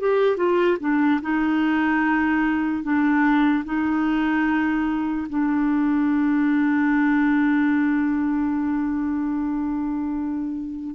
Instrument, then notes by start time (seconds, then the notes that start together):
clarinet
0.00 G4
0.37 F4
0.80 D4
1.22 D#4
2.83 D4
3.65 D#4
5.30 D4